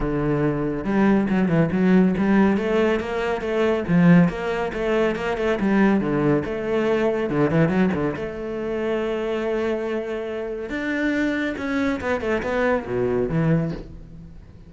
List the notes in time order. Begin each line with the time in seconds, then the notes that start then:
0.00 D3
0.84 G3
1.29 F#3
1.48 E3
1.71 F#3
2.17 G3
2.57 A3
3.00 A#3
3.41 A3
3.87 F3
4.29 A#3
4.73 A3
5.15 A#3
5.37 A3
5.59 G3
6.00 D3
6.45 A3
7.29 D3
7.50 E3
7.68 F#3
7.94 D3
8.16 A3
10.69 D4
11.57 C#4
12.00 B3
12.20 A3
12.42 B3
12.86 B2
13.29 E3